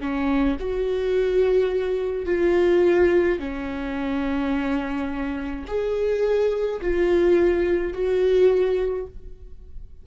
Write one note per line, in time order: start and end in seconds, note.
0.00 0.57 C#4
0.59 2.25 F#4
2.25 3.39 F4
3.39 5.65 C#4
5.67 6.80 G#4
6.81 7.92 F4
7.92 9.06 F#4